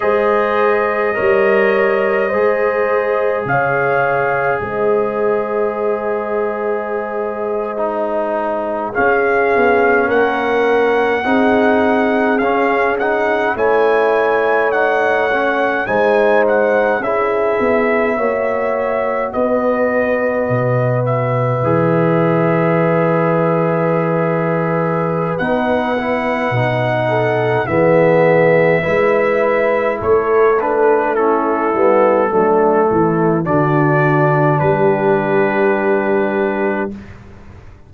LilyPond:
<<
  \new Staff \with { instrumentName = "trumpet" } { \time 4/4 \tempo 4 = 52 dis''2. f''4 | dis''2.~ dis''8. f''16~ | f''8. fis''2 f''8 fis''8 gis''16~ | gis''8. fis''4 gis''8 fis''8 e''4~ e''16~ |
e''8. dis''4. e''4.~ e''16~ | e''2 fis''2 | e''2 cis''8 b'8 a'4~ | a'4 d''4 b'2 | }
  \new Staff \with { instrumentName = "horn" } { \time 4/4 c''4 cis''4 c''4 cis''4 | c''2.~ c''8. gis'16~ | gis'8. ais'4 gis'2 cis''16~ | cis''4.~ cis''16 c''4 gis'4 cis''16~ |
cis''8. b'2.~ b'16~ | b'2.~ b'8 a'8 | gis'4 b'4 a'4 e'4 | d'8 e'8 fis'4 g'2 | }
  \new Staff \with { instrumentName = "trombone" } { \time 4/4 gis'4 ais'4 gis'2~ | gis'2~ gis'8. dis'4 cis'16~ | cis'4.~ cis'16 dis'4 cis'8 dis'8 e'16~ | e'8. dis'8 cis'8 dis'4 e'4 fis'16~ |
fis'2~ fis'8. gis'4~ gis'16~ | gis'2 dis'8 e'8 dis'4 | b4 e'4. d'8 cis'8 b8 | a4 d'2. | }
  \new Staff \with { instrumentName = "tuba" } { \time 4/4 gis4 g4 gis4 cis4 | gis2.~ gis8. cis'16~ | cis'16 b8 ais4 c'4 cis'4 a16~ | a4.~ a16 gis4 cis'8 b8 ais16~ |
ais8. b4 b,4 e4~ e16~ | e2 b4 b,4 | e4 gis4 a4. g8 | fis8 e8 d4 g2 | }
>>